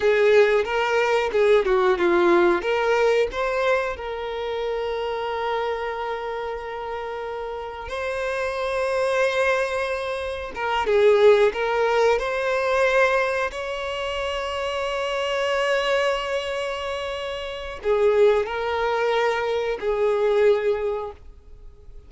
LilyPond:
\new Staff \with { instrumentName = "violin" } { \time 4/4 \tempo 4 = 91 gis'4 ais'4 gis'8 fis'8 f'4 | ais'4 c''4 ais'2~ | ais'1 | c''1 |
ais'8 gis'4 ais'4 c''4.~ | c''8 cis''2.~ cis''8~ | cis''2. gis'4 | ais'2 gis'2 | }